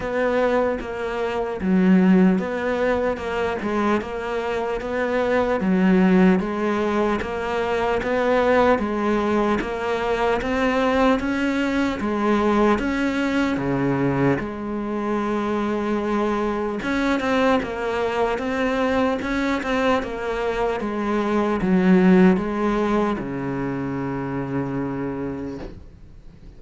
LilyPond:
\new Staff \with { instrumentName = "cello" } { \time 4/4 \tempo 4 = 75 b4 ais4 fis4 b4 | ais8 gis8 ais4 b4 fis4 | gis4 ais4 b4 gis4 | ais4 c'4 cis'4 gis4 |
cis'4 cis4 gis2~ | gis4 cis'8 c'8 ais4 c'4 | cis'8 c'8 ais4 gis4 fis4 | gis4 cis2. | }